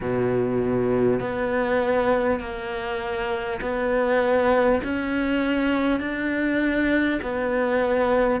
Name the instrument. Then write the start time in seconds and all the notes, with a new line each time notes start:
cello
0.00 B2
1.19 B3
2.40 A#3
3.61 B3
4.83 C#4
5.99 D4
7.22 B3